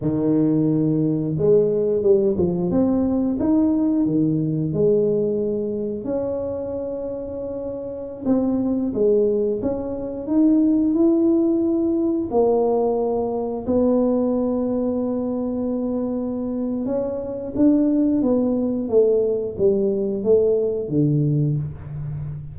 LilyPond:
\new Staff \with { instrumentName = "tuba" } { \time 4/4 \tempo 4 = 89 dis2 gis4 g8 f8 | c'4 dis'4 dis4 gis4~ | gis4 cis'2.~ | cis'16 c'4 gis4 cis'4 dis'8.~ |
dis'16 e'2 ais4.~ ais16~ | ais16 b2.~ b8.~ | b4 cis'4 d'4 b4 | a4 g4 a4 d4 | }